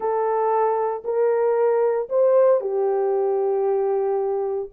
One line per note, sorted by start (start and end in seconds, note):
0.00 1.03 A4
1.04 2.08 A#4
2.09 2.60 C5
2.60 4.69 G4